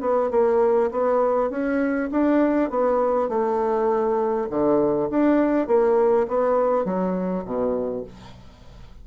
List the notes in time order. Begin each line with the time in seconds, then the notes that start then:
0.00 B3
0.31 A#3
0.91 B3
1.50 C#4
2.11 D4
2.69 B3
3.28 A3
4.49 D3
5.10 D4
5.67 A#3
6.28 B3
6.85 F#3
7.44 B2